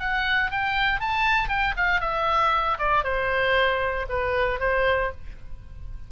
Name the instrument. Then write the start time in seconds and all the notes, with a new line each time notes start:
oboe
0.00 F#5
0.52 G5
1.00 A5
1.49 G5
1.77 F5
2.01 E5
2.79 D5
3.04 C5
4.09 B4
4.60 C5